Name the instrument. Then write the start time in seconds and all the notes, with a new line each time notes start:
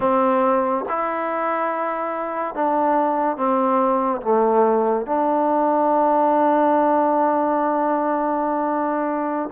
trombone
0.00 C4
0.88 E4
2.54 D4
3.36 C4
4.21 A3
5.06 D4